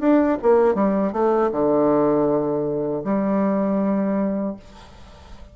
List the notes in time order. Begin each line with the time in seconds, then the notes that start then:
0.00 D4
0.42 A#3
0.75 G3
1.13 A3
1.52 D3
3.04 G3